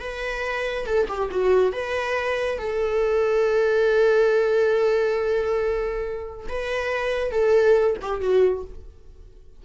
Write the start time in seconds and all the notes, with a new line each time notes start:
0.00 B4
0.86 A4
1.09 G4
1.31 F#4
1.73 B4
2.59 A4
6.49 B4
7.31 A4
8.02 G4
8.21 F#4